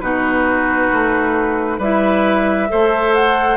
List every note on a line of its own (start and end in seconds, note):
0.00 0.91 B2
0.00 1.80 D#4
0.00 1.78 F#4
0.00 1.79 B4
0.92 1.79 A3
1.78 2.68 G3
1.78 2.68 E4
1.78 2.68 B4
1.78 3.14 E5
2.68 3.57 A3
2.68 3.57 A4
2.68 3.57 C5
3.14 3.57 F#5